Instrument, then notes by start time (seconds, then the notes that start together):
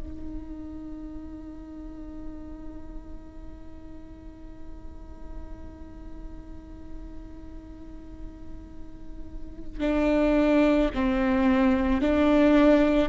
viola
0.00 D#4
9.81 D4
10.95 C4
12.01 D4